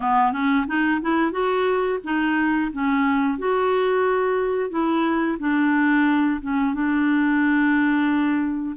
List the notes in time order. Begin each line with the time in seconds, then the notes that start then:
0.00 B3
0.32 C#4
0.67 D#4
1.01 E4
1.31 F#4
2.04 D#4
2.72 C#4
3.38 F#4
4.70 E4
5.39 D4
6.41 C#4
6.74 D4